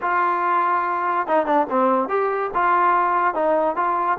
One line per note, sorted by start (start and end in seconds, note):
0.01 1.27 F4
1.27 1.46 D#4
1.46 1.66 D4
1.69 2.08 C4
2.08 2.50 G4
2.53 3.34 F4
3.34 3.76 D#4
3.76 4.18 F4